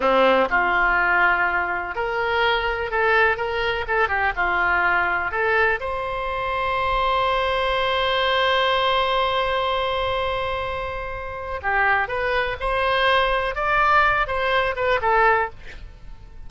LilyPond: \new Staff \with { instrumentName = "oboe" } { \time 4/4 \tempo 4 = 124 c'4 f'2. | ais'2 a'4 ais'4 | a'8 g'8 f'2 a'4 | c''1~ |
c''1~ | c''1 | g'4 b'4 c''2 | d''4. c''4 b'8 a'4 | }